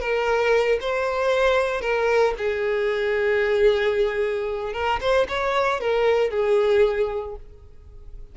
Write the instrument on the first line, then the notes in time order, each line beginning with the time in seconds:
violin
0.00 A#4
0.81 C5
1.82 A#4
2.38 G#4
4.74 A#4
5.01 C5
5.29 C#5
5.80 A#4
6.30 G#4